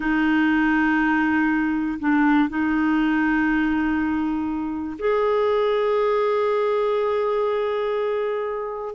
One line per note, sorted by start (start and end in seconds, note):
0.00 1.98 D#4
1.99 2.49 D4
2.49 4.97 D#4
4.98 8.94 G#4